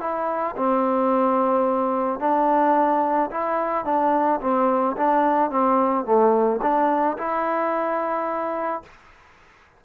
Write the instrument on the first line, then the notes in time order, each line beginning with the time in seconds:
trombone
0.00 E4
0.56 C4
2.20 D4
3.31 E4
3.85 D4
4.41 C4
4.96 D4
5.50 C4
6.05 A3
6.62 D4
7.17 E4